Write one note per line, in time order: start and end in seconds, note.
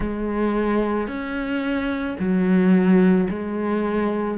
0.00 1.07 G#3
1.07 2.16 C#4
2.19 3.28 F#3
3.29 4.37 G#3